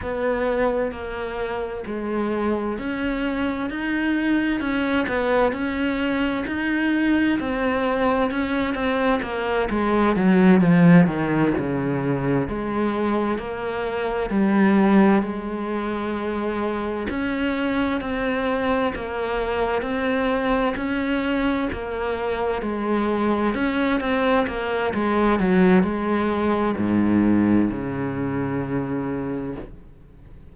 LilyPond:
\new Staff \with { instrumentName = "cello" } { \time 4/4 \tempo 4 = 65 b4 ais4 gis4 cis'4 | dis'4 cis'8 b8 cis'4 dis'4 | c'4 cis'8 c'8 ais8 gis8 fis8 f8 | dis8 cis4 gis4 ais4 g8~ |
g8 gis2 cis'4 c'8~ | c'8 ais4 c'4 cis'4 ais8~ | ais8 gis4 cis'8 c'8 ais8 gis8 fis8 | gis4 gis,4 cis2 | }